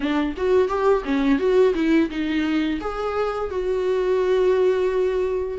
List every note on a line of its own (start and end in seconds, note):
0.00 0.35 D4
0.36 0.68 F#4
0.68 1.03 G4
1.05 1.38 C#4
1.38 1.73 F#4
1.74 2.09 E4
2.09 2.79 D#4
2.80 3.50 G#4
3.50 5.58 F#4